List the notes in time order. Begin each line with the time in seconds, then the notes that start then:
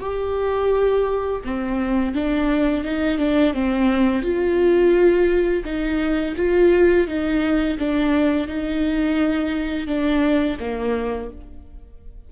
0.00 G4
1.45 C4
2.15 D4
2.85 D#4
3.19 D4
3.54 C4
4.23 F4
5.65 D#4
6.37 F4
7.07 D#4
7.78 D4
8.48 D#4
9.87 D4
10.60 A#3